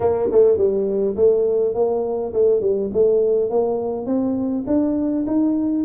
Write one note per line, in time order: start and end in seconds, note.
0.00 0.29 A#3
0.31 0.57 A3
0.57 1.15 G3
1.16 1.74 A3
1.74 2.32 A#3
2.33 2.61 A3
2.61 2.90 G3
2.93 3.50 A3
3.50 4.06 A#3
4.06 4.64 C4
4.67 5.25 D4
5.27 5.84 D#4